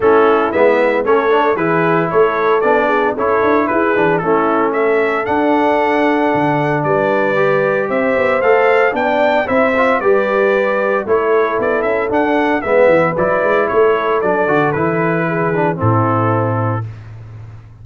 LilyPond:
<<
  \new Staff \with { instrumentName = "trumpet" } { \time 4/4 \tempo 4 = 114 a'4 e''4 cis''4 b'4 | cis''4 d''4 cis''4 b'4 | a'4 e''4 fis''2~ | fis''4 d''2 e''4 |
f''4 g''4 e''4 d''4~ | d''4 cis''4 d''8 e''8 fis''4 | e''4 d''4 cis''4 d''4 | b'2 a'2 | }
  \new Staff \with { instrumentName = "horn" } { \time 4/4 e'2 a'4 gis'4 | a'4. gis'8 a'4 gis'4 | e'4 a'2.~ | a'4 b'2 c''4~ |
c''4 d''4 c''4 b'4~ | b'4 a'2. | b'2 a'2~ | a'4 gis'4 e'2 | }
  \new Staff \with { instrumentName = "trombone" } { \time 4/4 cis'4 b4 cis'8 d'8 e'4~ | e'4 d'4 e'4. d'8 | cis'2 d'2~ | d'2 g'2 |
a'4 d'4 e'8 f'8 g'4~ | g'4 e'2 d'4 | b4 e'2 d'8 fis'8 | e'4. d'8 c'2 | }
  \new Staff \with { instrumentName = "tuba" } { \time 4/4 a4 gis4 a4 e4 | a4 b4 cis'8 d'8 e'8 e8 | a2 d'2 | d4 g2 c'8 b8 |
a4 b4 c'4 g4~ | g4 a4 b8 cis'8 d'4 | gis8 e8 fis8 gis8 a4 fis8 d8 | e2 a,2 | }
>>